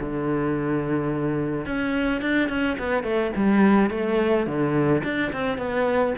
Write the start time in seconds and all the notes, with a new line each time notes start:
0.00 D3
1.66 C#4
2.21 D4
2.49 C#4
2.79 B3
3.04 A3
3.36 G3
3.90 A3
4.47 D3
5.04 D4
5.33 C4
5.58 B3